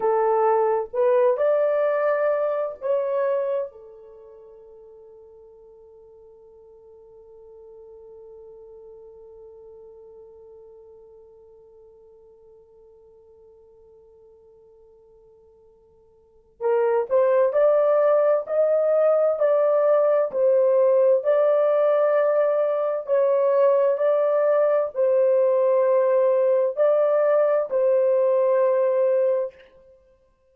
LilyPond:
\new Staff \with { instrumentName = "horn" } { \time 4/4 \tempo 4 = 65 a'4 b'8 d''4. cis''4 | a'1~ | a'1~ | a'1~ |
a'2 ais'8 c''8 d''4 | dis''4 d''4 c''4 d''4~ | d''4 cis''4 d''4 c''4~ | c''4 d''4 c''2 | }